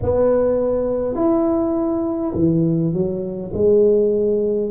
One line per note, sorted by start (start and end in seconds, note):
0.02 1.15 B3
1.15 2.32 E4
2.34 2.93 E3
2.93 3.51 F#3
3.53 4.71 G#3